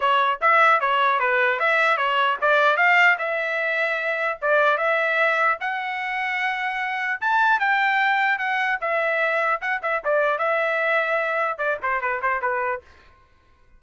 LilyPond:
\new Staff \with { instrumentName = "trumpet" } { \time 4/4 \tempo 4 = 150 cis''4 e''4 cis''4 b'4 | e''4 cis''4 d''4 f''4 | e''2. d''4 | e''2 fis''2~ |
fis''2 a''4 g''4~ | g''4 fis''4 e''2 | fis''8 e''8 d''4 e''2~ | e''4 d''8 c''8 b'8 c''8 b'4 | }